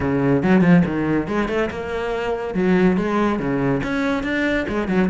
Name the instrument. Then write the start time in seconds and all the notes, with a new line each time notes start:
cello
0.00 C#3
0.42 F#3
0.61 F3
0.86 D#3
1.27 G#3
1.48 A3
1.70 A#3
2.54 F#3
2.97 G#3
3.39 C#3
3.83 C#4
4.23 D4
4.68 G#3
4.88 F#3